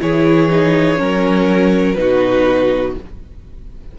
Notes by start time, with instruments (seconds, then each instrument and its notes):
0.00 cello E3, viola E4, violin G#4 C#5
0.50 viola D#4
0.97 cello F#3, viola C#4, violin A#4
1.94 cello B2, viola D#4, violin B4
2.00 violin F#4